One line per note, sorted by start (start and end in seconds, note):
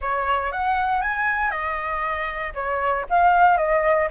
0.01 0.52 C#5
0.52 1.01 F#5
1.01 1.50 G#5
1.50 2.53 D#5
2.54 3.05 C#5
3.09 3.57 F5
3.57 4.08 D#5